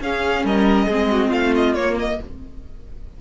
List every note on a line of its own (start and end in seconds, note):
0.00 0.43 C#4
0.00 0.89 C#4
0.00 0.45 G#4
0.00 0.46 F5
0.43 0.87 G3
0.43 0.86 A#4
0.43 1.32 D#5
0.86 1.31 G#3
0.86 1.76 C4
0.86 1.08 G#4
1.11 1.28 F#4
1.28 1.75 A3
1.28 2.14 F4
1.28 1.53 F5
1.55 1.74 D#5
1.74 2.18 A#3
1.74 2.20 A#3
1.74 1.95 C#5
1.99 2.21 D#5